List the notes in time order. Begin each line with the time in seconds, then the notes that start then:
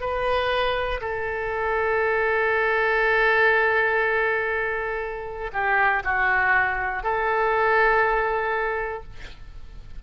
0.00 B4
1.00 A4
5.53 G4
6.04 F#4
7.03 A4